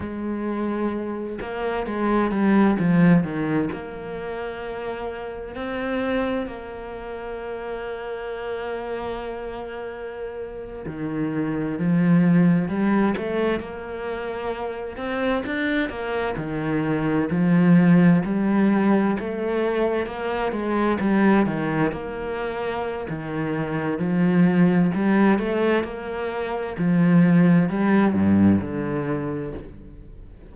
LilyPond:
\new Staff \with { instrumentName = "cello" } { \time 4/4 \tempo 4 = 65 gis4. ais8 gis8 g8 f8 dis8 | ais2 c'4 ais4~ | ais2.~ ais8. dis16~ | dis8. f4 g8 a8 ais4~ ais16~ |
ais16 c'8 d'8 ais8 dis4 f4 g16~ | g8. a4 ais8 gis8 g8 dis8 ais16~ | ais4 dis4 f4 g8 a8 | ais4 f4 g8 g,8 d4 | }